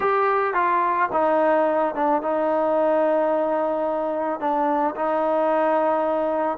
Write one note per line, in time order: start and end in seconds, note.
0.00 0.54 G4
0.54 1.09 F4
1.12 1.94 D#4
1.94 2.21 D4
2.21 4.39 D#4
4.39 4.94 D4
4.95 6.58 D#4